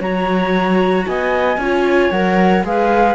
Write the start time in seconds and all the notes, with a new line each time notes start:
0.00 F#3 F#4 C#5 A#5
1.07 B3 D#5 G#5
1.57 C#4 F4 C#5
2.11 F#3 A#4 F#5
2.64 G#3 G#4 B4 F5